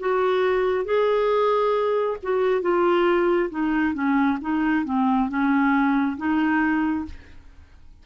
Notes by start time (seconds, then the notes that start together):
0.00 F#4
0.85 G#4
2.23 F#4
2.62 F4
3.50 D#4
3.94 C#4
4.42 D#4
4.85 C4
5.29 C#4
6.18 D#4